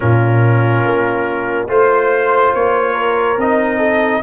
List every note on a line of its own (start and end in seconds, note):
0.00 0.84 A#2
0.00 1.68 C#4
0.00 1.68 F4
0.00 1.67 A#4
0.84 1.68 A#3
1.68 2.53 A3
1.68 3.37 F4
1.68 2.94 C5
1.68 2.54 C5
2.54 3.37 A#3
2.54 3.39 C#5
2.94 3.78 A#4
3.37 4.21 C4
3.37 4.22 D#4
3.37 4.22 D#5
3.78 4.20 A4